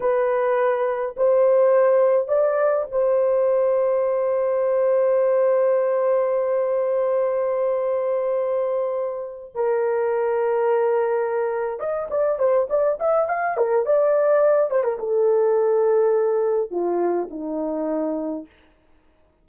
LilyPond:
\new Staff \with { instrumentName = "horn" } { \time 4/4 \tempo 4 = 104 b'2 c''2 | d''4 c''2.~ | c''1~ | c''1~ |
c''8 ais'2.~ ais'8~ | ais'8 dis''8 d''8 c''8 d''8 e''8 f''8 ais'8 | d''4. c''16 ais'16 a'2~ | a'4 f'4 dis'2 | }